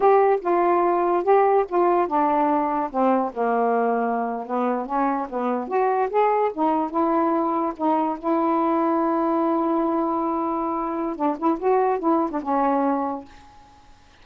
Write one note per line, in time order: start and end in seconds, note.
0.00 0.39 G4
0.41 1.23 F4
1.23 1.65 G4
1.68 2.07 F4
2.07 2.90 D4
2.90 3.32 C4
3.33 4.46 A#3
4.46 4.86 B3
4.86 5.27 C#4
5.29 5.68 B3
5.68 6.09 F#4
6.10 6.51 G#4
6.53 6.90 D#4
6.90 7.73 E4
7.76 8.18 D#4
8.19 11.16 E4
11.16 11.36 D4
11.38 11.59 E4
11.59 11.99 F#4
11.99 12.30 E4
12.30 12.41 D4
12.42 13.25 C#4